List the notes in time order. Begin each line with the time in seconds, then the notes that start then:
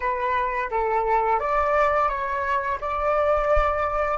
0.00 B4
0.70 A4
1.39 D5
2.09 C#5
2.81 D5